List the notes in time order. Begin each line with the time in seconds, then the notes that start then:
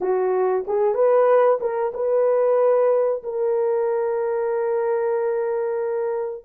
0.00 F#4
0.67 G#4
0.94 B4
1.60 A#4
1.94 B4
3.23 A#4